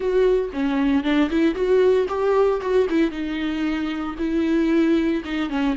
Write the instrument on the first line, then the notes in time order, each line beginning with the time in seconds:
viola
0.00 F#4
0.53 C#4
1.03 D4
1.29 E4
1.54 F#4
2.08 G4
2.61 F#4
2.89 E4
3.10 D#4
4.18 E4
5.24 D#4
5.49 C#4